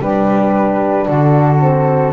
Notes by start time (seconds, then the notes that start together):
0.00 G3 D4 G4 B4
1.06 D3 F#4 A4
1.61 C4